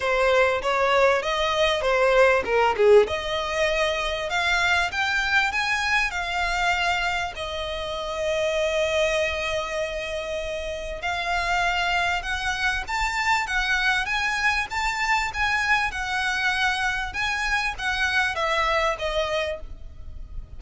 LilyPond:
\new Staff \with { instrumentName = "violin" } { \time 4/4 \tempo 4 = 98 c''4 cis''4 dis''4 c''4 | ais'8 gis'8 dis''2 f''4 | g''4 gis''4 f''2 | dis''1~ |
dis''2 f''2 | fis''4 a''4 fis''4 gis''4 | a''4 gis''4 fis''2 | gis''4 fis''4 e''4 dis''4 | }